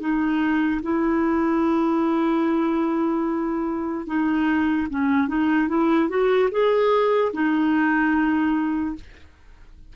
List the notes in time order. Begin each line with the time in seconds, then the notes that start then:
0.00 D#4
0.83 E4
4.07 D#4
4.90 C#4
5.28 D#4
5.68 E4
6.09 F#4
6.51 G#4
7.33 D#4